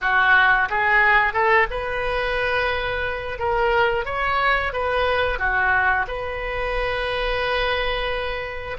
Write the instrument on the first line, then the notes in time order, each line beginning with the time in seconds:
oboe
0.01 F#4
0.69 G#4
1.33 A4
1.70 B4
3.38 A#4
4.05 C#5
4.73 B4
5.38 F#4
6.07 B4